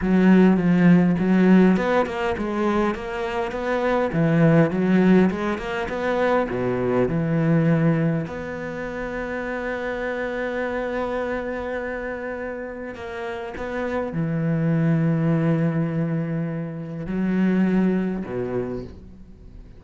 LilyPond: \new Staff \with { instrumentName = "cello" } { \time 4/4 \tempo 4 = 102 fis4 f4 fis4 b8 ais8 | gis4 ais4 b4 e4 | fis4 gis8 ais8 b4 b,4 | e2 b2~ |
b1~ | b2 ais4 b4 | e1~ | e4 fis2 b,4 | }